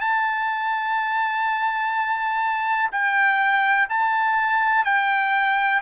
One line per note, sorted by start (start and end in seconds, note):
0.00 2.90 A5
2.92 3.88 G5
3.89 4.85 A5
4.85 5.82 G5